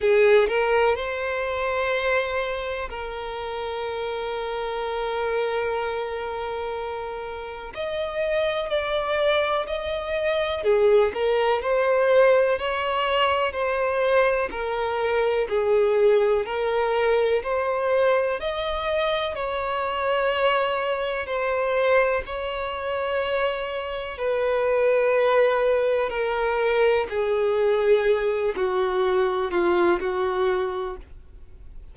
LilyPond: \new Staff \with { instrumentName = "violin" } { \time 4/4 \tempo 4 = 62 gis'8 ais'8 c''2 ais'4~ | ais'1 | dis''4 d''4 dis''4 gis'8 ais'8 | c''4 cis''4 c''4 ais'4 |
gis'4 ais'4 c''4 dis''4 | cis''2 c''4 cis''4~ | cis''4 b'2 ais'4 | gis'4. fis'4 f'8 fis'4 | }